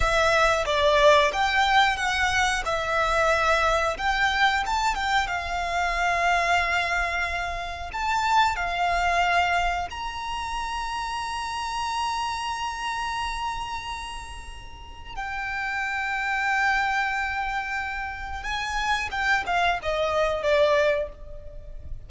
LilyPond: \new Staff \with { instrumentName = "violin" } { \time 4/4 \tempo 4 = 91 e''4 d''4 g''4 fis''4 | e''2 g''4 a''8 g''8 | f''1 | a''4 f''2 ais''4~ |
ais''1~ | ais''2. g''4~ | g''1 | gis''4 g''8 f''8 dis''4 d''4 | }